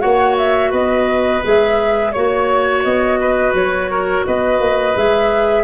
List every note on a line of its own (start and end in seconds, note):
0.00 0.73 A#3
0.00 1.41 F#4
0.00 0.71 C#5
0.00 0.36 F#5
0.38 0.73 E5
0.71 1.44 B3
0.71 2.12 B4
0.71 1.44 D#5
1.44 2.16 G#3
1.44 2.15 G#4
1.44 2.12 E5
2.12 2.85 A#3
2.12 4.96 F#4
2.12 2.83 C#5
2.12 3.20 C#5
2.84 3.54 B3
2.84 3.54 D#5
3.21 3.91 B4
3.54 4.25 F#3
3.54 4.26 C#5
3.91 4.26 A#4
4.26 4.60 B3
4.26 5.64 B4
4.26 4.97 D#5
4.60 4.95 A#3
4.96 5.64 G#3
4.96 5.64 G#4
4.96 5.64 E5